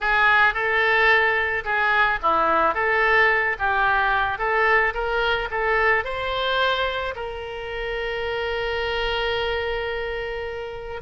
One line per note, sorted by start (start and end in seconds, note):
0.00 0.54 G#4
0.54 1.64 A4
1.64 2.19 G#4
2.22 2.74 E4
2.74 3.57 A4
3.58 4.38 G4
4.38 4.93 A4
4.93 5.48 A#4
5.50 6.04 A4
6.04 7.14 C5
7.15 11.01 A#4